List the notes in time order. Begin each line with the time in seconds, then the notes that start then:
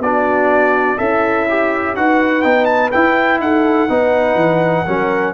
0.00 B3 D4 F#4 D5
0.98 C#4 E4 A4 E5
1.50 G4
1.96 D#4 F#4 B4 F#5
2.42 B3 D#4 G5
2.66 A5
2.92 E4 G5
3.41 D#4 A4 F#5
3.90 B3 D#4 B4
4.36 E3
4.86 F#3 C#4 A#4